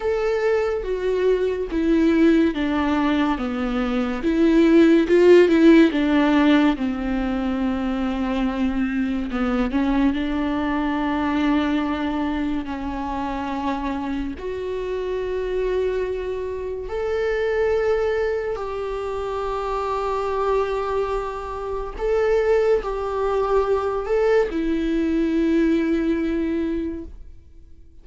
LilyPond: \new Staff \with { instrumentName = "viola" } { \time 4/4 \tempo 4 = 71 a'4 fis'4 e'4 d'4 | b4 e'4 f'8 e'8 d'4 | c'2. b8 cis'8 | d'2. cis'4~ |
cis'4 fis'2. | a'2 g'2~ | g'2 a'4 g'4~ | g'8 a'8 e'2. | }